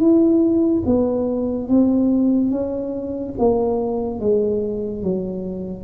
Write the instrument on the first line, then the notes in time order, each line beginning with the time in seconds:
tuba
0.00 E4
0.86 B3
1.69 C4
2.52 C#4
3.39 A#3
4.20 G#3
5.03 F#3